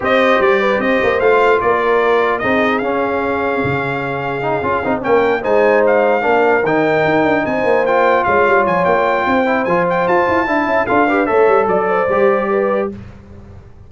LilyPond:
<<
  \new Staff \with { instrumentName = "trumpet" } { \time 4/4 \tempo 4 = 149 dis''4 d''4 dis''4 f''4 | d''2 dis''4 f''4~ | f''1~ | f''8 g''4 gis''4 f''4.~ |
f''8 g''2 gis''4 g''8~ | g''8 f''4 gis''8 g''2 | gis''8 g''8 a''2 f''4 | e''4 d''2. | }
  \new Staff \with { instrumentName = "horn" } { \time 4/4 c''4. b'8 c''2 | ais'2 gis'2~ | gis'1~ | gis'8 ais'4 c''2 ais'8~ |
ais'2~ ais'8 c''4.~ | c''8 cis''2~ cis''8 c''4~ | c''2 e''4 a'8 b'8 | cis''4 d''8 c''4. b'4 | }
  \new Staff \with { instrumentName = "trombone" } { \time 4/4 g'2. f'4~ | f'2 dis'4 cis'4~ | cis'2. dis'8 f'8 | dis'8 cis'4 dis'2 d'8~ |
d'8 dis'2. f'8~ | f'2.~ f'8 e'8 | f'2 e'4 f'8 g'8 | a'2 g'2 | }
  \new Staff \with { instrumentName = "tuba" } { \time 4/4 c'4 g4 c'8 ais8 a4 | ais2 c'4 cis'4~ | cis'4 cis2~ cis8 cis'8 | c'8 ais4 gis2 ais8~ |
ais8 dis4 dis'8 d'8 c'8 ais4~ | ais8 gis8 g8 f8 ais4 c'4 | f4 f'8 e'8 d'8 cis'8 d'4 | a8 g8 fis4 g2 | }
>>